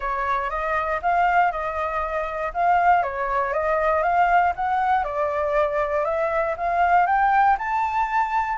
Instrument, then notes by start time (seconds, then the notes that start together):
flute
0.00 C#5
0.50 D#5
1.02 F5
1.51 D#5
2.53 F5
3.03 C#5
3.53 D#5
4.02 F5
4.55 F#5
5.04 D5
6.04 E5
6.57 F5
7.06 G5
7.58 A5